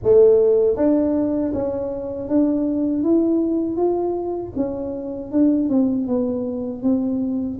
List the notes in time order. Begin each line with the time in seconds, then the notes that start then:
0.03 A3
0.76 D4
1.53 C#4
2.28 D4
3.03 E4
3.76 F4
4.56 C#4
5.31 D4
5.69 C4
6.07 B3
6.82 C4